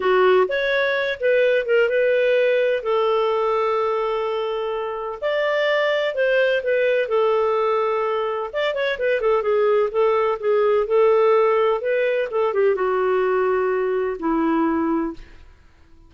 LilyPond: \new Staff \with { instrumentName = "clarinet" } { \time 4/4 \tempo 4 = 127 fis'4 cis''4. b'4 ais'8 | b'2 a'2~ | a'2. d''4~ | d''4 c''4 b'4 a'4~ |
a'2 d''8 cis''8 b'8 a'8 | gis'4 a'4 gis'4 a'4~ | a'4 b'4 a'8 g'8 fis'4~ | fis'2 e'2 | }